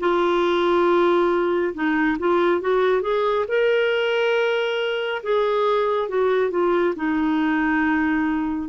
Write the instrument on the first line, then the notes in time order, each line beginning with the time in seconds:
clarinet
0.00 F4
1.74 D#4
2.19 F4
2.61 F#4
3.02 G#4
3.48 A#4
5.23 G#4
6.09 F#4
6.51 F4
6.96 D#4